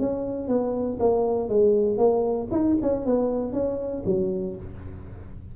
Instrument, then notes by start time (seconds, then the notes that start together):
tuba
0.00 C#4
0.48 B3
1.00 A#3
1.49 G#3
1.98 A#3
2.51 D#4
2.82 C#4
3.06 B3
3.53 C#4
4.06 F#3